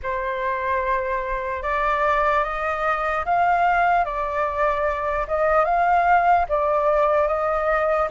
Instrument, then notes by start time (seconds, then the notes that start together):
flute
0.03 C5
1.62 D5
2.43 D#5
3.25 F5
4.04 D5
5.27 D#5
5.65 F5
6.48 D5
7.27 D#5